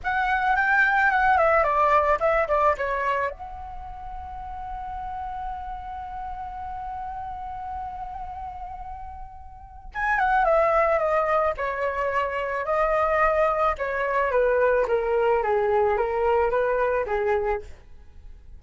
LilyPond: \new Staff \with { instrumentName = "flute" } { \time 4/4 \tempo 4 = 109 fis''4 g''4 fis''8 e''8 d''4 | e''8 d''8 cis''4 fis''2~ | fis''1~ | fis''1~ |
fis''2 gis''8 fis''8 e''4 | dis''4 cis''2 dis''4~ | dis''4 cis''4 b'4 ais'4 | gis'4 ais'4 b'4 gis'4 | }